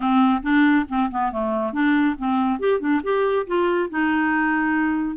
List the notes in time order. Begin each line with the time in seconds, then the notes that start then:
0.00 C4
0.42 D4
0.88 C4
1.10 B3
1.31 A3
1.72 D4
2.18 C4
2.59 G4
2.79 D4
3.03 G4
3.46 F4
3.89 D#4